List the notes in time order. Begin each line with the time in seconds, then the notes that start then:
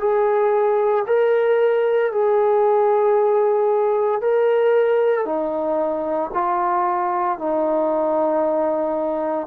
0.00 G#4
1.07 A#4
2.12 G#4
4.22 A#4
5.25 D#4
6.34 F4
7.38 D#4